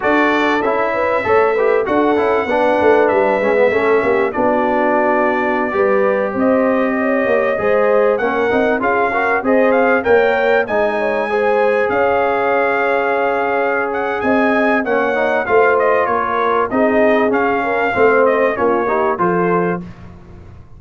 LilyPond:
<<
  \new Staff \with { instrumentName = "trumpet" } { \time 4/4 \tempo 4 = 97 d''4 e''2 fis''4~ | fis''4 e''2 d''4~ | d''2~ d''16 dis''4.~ dis''16~ | dis''4~ dis''16 fis''4 f''4 dis''8 f''16~ |
f''16 g''4 gis''2 f''8.~ | f''2~ f''8 fis''8 gis''4 | fis''4 f''8 dis''8 cis''4 dis''4 | f''4. dis''8 cis''4 c''4 | }
  \new Staff \with { instrumentName = "horn" } { \time 4/4 a'4. b'8 cis''8 b'8 a'4 | b'2 a'8 g'8 fis'4~ | fis'4~ fis'16 b'4 c''4 cis''8.~ | cis''16 c''4 ais'4 gis'8 ais'8 c''8.~ |
c''16 cis''4 dis''8 cis''8 c''4 cis''8.~ | cis''2. dis''4 | cis''4 c''4 ais'4 gis'4~ | gis'8 ais'8 c''4 f'8 g'8 a'4 | }
  \new Staff \with { instrumentName = "trombone" } { \time 4/4 fis'4 e'4 a'8 g'8 fis'8 e'8 | d'4. cis'16 b16 cis'4 d'4~ | d'4~ d'16 g'2~ g'8.~ | g'16 gis'4 cis'8 dis'8 f'8 fis'8 gis'8.~ |
gis'16 ais'4 dis'4 gis'4.~ gis'16~ | gis'1 | cis'8 dis'8 f'2 dis'4 | cis'4 c'4 cis'8 dis'8 f'4 | }
  \new Staff \with { instrumentName = "tuba" } { \time 4/4 d'4 cis'4 a4 d'8 cis'8 | b8 a8 g8 gis8 a8 ais8 b4~ | b4~ b16 g4 c'4. ais16~ | ais16 gis4 ais8 c'8 cis'4 c'8.~ |
c'16 ais4 gis2 cis'8.~ | cis'2. c'4 | ais4 a4 ais4 c'4 | cis'4 a4 ais4 f4 | }
>>